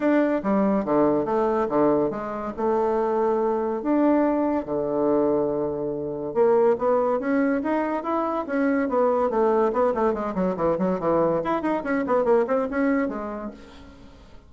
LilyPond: \new Staff \with { instrumentName = "bassoon" } { \time 4/4 \tempo 4 = 142 d'4 g4 d4 a4 | d4 gis4 a2~ | a4 d'2 d4~ | d2. ais4 |
b4 cis'4 dis'4 e'4 | cis'4 b4 a4 b8 a8 | gis8 fis8 e8 fis8 e4 e'8 dis'8 | cis'8 b8 ais8 c'8 cis'4 gis4 | }